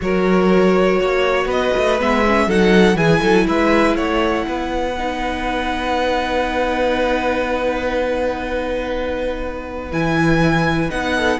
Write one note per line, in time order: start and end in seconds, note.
0.01 1.00 F#3
0.01 1.99 F#4
0.01 0.99 A#4
0.01 1.50 C#5
0.99 1.45 A#3
0.99 1.46 C#5
1.45 1.70 B3
1.45 2.45 B4
1.45 1.99 D#5
1.76 2.01 A3
1.99 2.47 G#3
1.99 2.23 B3
1.99 2.50 E5
2.26 2.49 C#4
2.47 2.95 F#3
2.47 2.95 D#4
2.47 2.97 A4
2.47 2.97 F#5
2.95 3.20 E3
2.95 4.93 E4
2.95 3.21 G#4
2.95 3.46 G#5
3.21 3.47 F#3
3.21 3.46 A4
3.47 3.95 G#3
3.47 3.96 B4
3.47 3.97 E5
3.95 4.45 A3
3.95 4.45 C#5
3.95 9.92 F#5
4.47 9.91 B3
4.47 11.15 B4
4.97 9.91 D#4
9.91 10.91 E3
9.91 10.89 E4
9.91 10.90 G#5
10.89 11.40 B3
10.89 11.39 D#4
10.89 11.40 F#5
11.15 11.40 A4